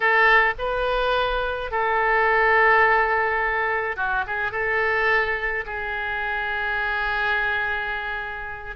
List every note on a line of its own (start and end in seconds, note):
0.00 0.54 A4
0.58 1.71 B4
1.71 3.96 A4
3.96 4.25 F#4
4.26 4.51 G#4
4.51 5.64 A4
5.66 8.76 G#4